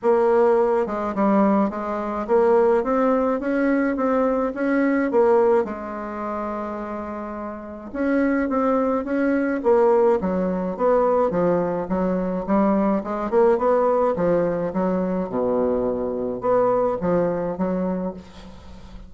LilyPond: \new Staff \with { instrumentName = "bassoon" } { \time 4/4 \tempo 4 = 106 ais4. gis8 g4 gis4 | ais4 c'4 cis'4 c'4 | cis'4 ais4 gis2~ | gis2 cis'4 c'4 |
cis'4 ais4 fis4 b4 | f4 fis4 g4 gis8 ais8 | b4 f4 fis4 b,4~ | b,4 b4 f4 fis4 | }